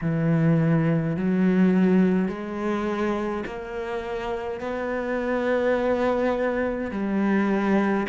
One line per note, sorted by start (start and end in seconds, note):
0.01 1.16 E3
1.16 2.28 F#3
2.28 3.44 G#3
3.46 4.60 A#3
4.60 6.91 B3
6.91 8.06 G3